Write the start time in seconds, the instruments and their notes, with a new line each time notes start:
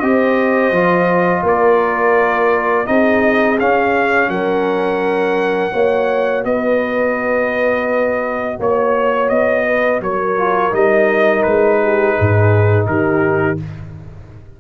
0.00 tuba C4, trombone G4, horn C5, trumpet D#5
0.72 tuba F3, trombone F4
1.43 tuba A#3, horn A#4, trumpet D5
2.86 tuba C4, trombone D#4, horn G#4, trumpet D#5
3.60 trombone C#4, tuba C#4, trumpet F5
4.29 tuba F#3, horn A#4, trumpet F#5
5.72 tuba A#3, trombone F#4, horn C#5
6.45 tuba B3, horn B4, trumpet D#5
8.59 tuba A#3, horn C#5, trumpet C#5
9.29 tuba B3, trumpet D#5
9.66 horn B4
10.01 tuba F#3, horn A#4, trumpet C#5
10.38 trombone F4
10.72 tuba G3, trombone D#4, trumpet D#5
11.43 tuba G#3, trumpet B4
11.83 horn G4
12.15 tuba G#2, horn G#4
12.87 tuba D#3, horn G4, trumpet A#4